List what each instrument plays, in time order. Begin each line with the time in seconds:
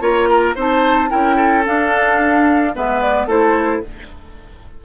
0.00 bassoon A#3, clarinet F4, oboe C#5, flute A#5
0.30 oboe A#4
0.55 bassoon C4, clarinet D#4, oboe C5, flute A5
1.09 bassoon C#4, clarinet E4, oboe A#4, flute G5
1.36 oboe A4
1.66 clarinet D4, bassoon D4, flute F5
2.74 bassoon G#3, clarinet B3, oboe B4, flute E5
3.01 flute D5
3.26 bassoon A3, clarinet E4, oboe A4, flute C5